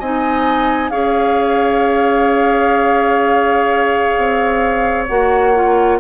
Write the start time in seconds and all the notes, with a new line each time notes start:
0.00 C4 D#4 D#5 G#5
0.90 C#4 G#4 C#5 F5
4.18 C4
5.07 A#3 F#4 F#5
5.54 F4